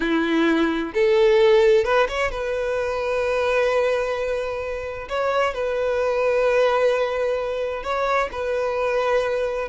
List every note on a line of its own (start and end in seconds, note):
0.00 0.92 E4
0.94 1.84 A4
1.84 2.07 B4
2.08 2.31 C#5
2.31 5.08 B4
5.08 5.54 C#5
5.54 7.83 B4
7.83 8.29 C#5
8.32 9.68 B4